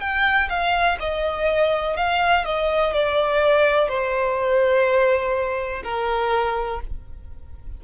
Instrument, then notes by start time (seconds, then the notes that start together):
violin
0.00 G5
0.49 F5
0.99 D#5
1.97 F5
2.45 D#5
2.93 D5
3.88 C5
5.84 A#4